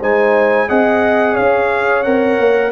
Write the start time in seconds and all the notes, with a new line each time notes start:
0.00 G#3 D#4 C5 G#5
0.68 C4 G#4 D#5 F#5
1.34 C#4 C#5 F5
2.03 C4 A#4 F#5
2.38 A#3